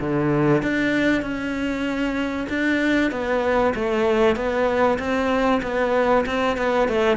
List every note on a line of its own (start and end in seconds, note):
0.00 0.62 D3
0.62 1.22 D4
1.22 2.47 C#4
2.49 3.11 D4
3.11 3.74 B3
3.75 4.36 A3
4.36 4.98 B3
4.99 5.61 C4
5.62 6.25 B3
6.26 6.57 C4
6.57 6.89 B3
6.89 7.17 A3